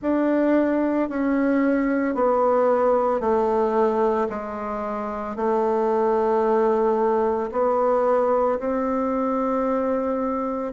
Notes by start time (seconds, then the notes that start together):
0.01 D4
1.09 C#4
2.14 B3
3.20 A3
4.29 G#3
5.36 A3
7.51 B3
8.59 C4